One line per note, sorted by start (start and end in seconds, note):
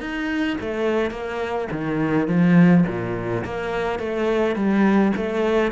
0.00 0.57 D#4
0.61 1.11 A3
1.11 1.68 A#3
1.72 2.28 D#3
2.28 2.85 F3
2.87 3.44 A#2
3.45 3.99 A#3
3.99 4.55 A3
4.55 5.12 G3
5.16 5.71 A3